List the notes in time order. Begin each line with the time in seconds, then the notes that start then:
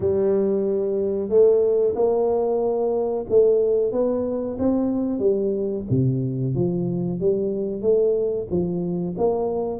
0.00 G3
1.29 A3
1.95 A#3
3.29 A3
3.92 B3
4.58 C4
5.19 G3
5.89 C3
6.54 F3
7.19 G3
7.81 A3
8.50 F3
9.17 A#3